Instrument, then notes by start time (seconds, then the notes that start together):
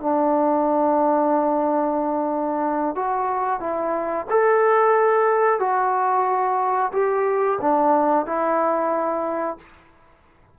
trombone
0.00 D4
2.95 F#4
3.60 E4
4.30 A4
5.60 F#4
6.93 G4
7.62 D4
8.26 E4